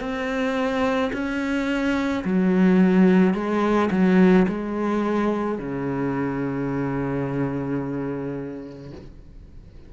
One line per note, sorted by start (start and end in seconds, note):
0.00 1.11 C4
1.13 2.24 C#4
2.24 3.34 F#3
3.34 3.90 G#3
3.91 4.46 F#3
4.48 5.58 G#3
5.58 8.91 C#3